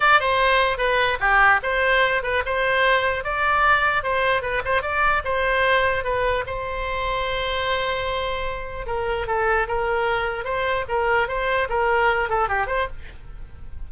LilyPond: \new Staff \with { instrumentName = "oboe" } { \time 4/4 \tempo 4 = 149 d''8 c''4. b'4 g'4 | c''4. b'8 c''2 | d''2 c''4 b'8 c''8 | d''4 c''2 b'4 |
c''1~ | c''2 ais'4 a'4 | ais'2 c''4 ais'4 | c''4 ais'4. a'8 g'8 c''8 | }